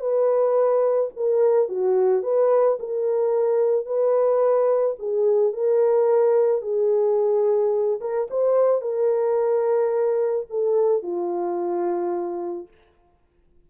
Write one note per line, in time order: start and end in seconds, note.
0.00 1.10 B4
1.16 1.68 A#4
1.68 2.22 F#4
2.22 2.77 B4
2.79 3.85 A#4
3.85 4.95 B4
4.99 5.53 G#4
5.53 6.62 A#4
6.62 7.99 G#4
8.00 8.28 A#4
8.30 8.81 C5
8.81 10.46 A#4
10.49 11.02 A4
11.02 12.68 F4